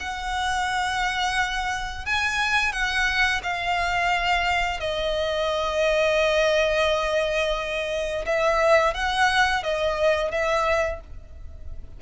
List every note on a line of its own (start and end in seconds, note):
0.00 2.06 F#5
2.06 2.72 G#5
2.72 3.41 F#5
3.43 4.80 F5
4.80 8.25 D#5
8.26 8.94 E5
8.94 9.63 F#5
9.63 10.31 D#5
10.31 11.00 E5